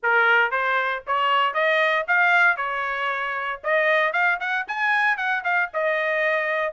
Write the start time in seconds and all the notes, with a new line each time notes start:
0.02 A#4
0.51 C5
1.07 C#5
1.54 D#5
2.07 F5
2.57 C#5
3.63 D#5
4.12 F5
4.40 F#5
4.67 G#5
5.17 F#5
5.43 F5
5.73 D#5